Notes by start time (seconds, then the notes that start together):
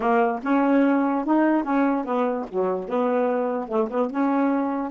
0.00 A#3
0.43 C#4
1.25 D#4
1.63 C#4
2.05 B3
2.48 F#3
2.89 B3
3.68 A3
3.89 B3
4.10 C#4